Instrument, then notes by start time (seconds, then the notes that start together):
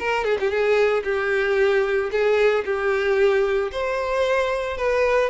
violin
0.00 A#4
0.25 G#4
0.40 G4
0.50 G#4
1.05 G4
2.12 G#4
2.65 G4
3.72 C5
4.78 B4